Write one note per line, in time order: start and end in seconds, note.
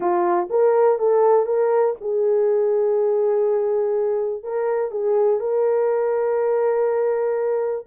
0.00 0.48 F4
0.50 0.98 A#4
0.98 1.46 A4
1.46 1.95 A#4
2.00 4.43 G#4
4.43 4.91 A#4
4.91 5.39 G#4
5.39 7.85 A#4